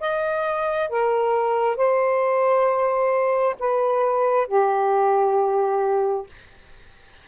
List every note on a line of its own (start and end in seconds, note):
0.00 0.89 D#5
0.89 1.77 A#4
1.77 3.56 C5
3.59 4.47 B4
4.47 6.26 G4